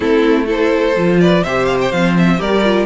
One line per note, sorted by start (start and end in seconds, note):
0.00 0.96 A3
0.00 0.46 C4
0.00 0.46 E4
0.00 0.48 A4
0.46 0.94 E4
0.46 1.18 A4
0.46 1.20 C5
0.96 1.44 F3
0.96 1.45 F4
1.20 1.43 B4
1.20 1.43 D5
1.43 1.92 C3
1.43 1.93 G4
1.43 2.39 C5
1.43 1.65 E5
1.65 1.77 F5
1.81 1.91 G5
1.91 2.40 F3
1.91 2.38 C4
1.91 2.15 F5
2.17 2.41 E5
2.38 2.86 G3
2.38 2.62 G4
2.38 2.86 A#4
2.38 2.86 D5
2.64 2.86 F4